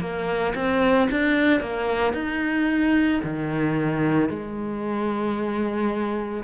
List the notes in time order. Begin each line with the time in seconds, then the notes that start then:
0.00 A#3
0.55 C4
1.11 D4
1.61 A#3
2.14 D#4
3.24 D#3
4.29 G#3